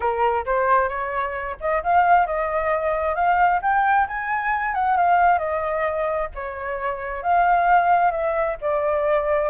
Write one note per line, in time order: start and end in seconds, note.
0.00 0.45 A#4
0.45 0.88 C5
0.88 1.56 C#5
1.60 1.83 D#5
1.83 2.26 F5
2.26 3.15 D#5
3.15 3.60 F5
3.62 4.07 G5
4.07 4.74 G#5
4.74 4.96 F#5
4.96 5.38 F5
5.38 6.28 D#5
6.34 7.22 C#5
7.22 8.11 F5
8.11 8.56 E5
8.61 9.49 D5